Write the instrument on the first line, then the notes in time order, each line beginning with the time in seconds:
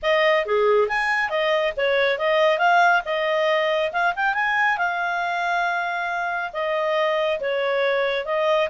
clarinet
0.02 D#5
0.45 G#4
0.88 G#5
1.29 D#5
1.76 C#5
2.18 D#5
2.58 F5
3.05 D#5
3.92 F5
4.15 G5
4.34 G#5
4.77 F5
6.53 D#5
7.40 C#5
8.25 D#5